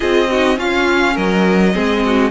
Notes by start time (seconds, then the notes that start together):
0.00 C4 F4 G#4 D#5
0.30 D#4 F#4
0.55 C#4 F4 F5
1.14 F#3 A#4 D#5
1.74 G#3 C4 G#4
2.05 F#4